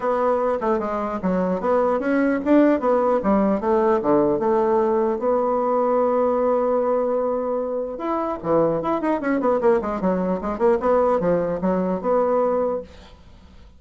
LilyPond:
\new Staff \with { instrumentName = "bassoon" } { \time 4/4 \tempo 4 = 150 b4. a8 gis4 fis4 | b4 cis'4 d'4 b4 | g4 a4 d4 a4~ | a4 b2.~ |
b1 | e'4 e4 e'8 dis'8 cis'8 b8 | ais8 gis8 fis4 gis8 ais8 b4 | f4 fis4 b2 | }